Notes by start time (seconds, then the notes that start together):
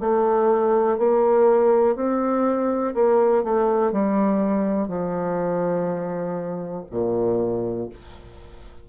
0.00 A3
0.98 A#3
1.96 C4
2.94 A#3
3.43 A3
3.92 G3
4.88 F3
6.91 A#2